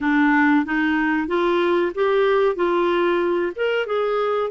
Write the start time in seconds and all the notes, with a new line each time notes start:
0.00 D4
0.65 D#4
1.27 F4
1.94 G4
2.55 F4
3.55 A#4
3.86 G#4